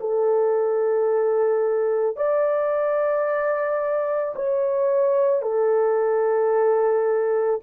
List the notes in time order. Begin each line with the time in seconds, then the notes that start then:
0.00 A4
2.16 D5
4.35 C#5
5.41 A4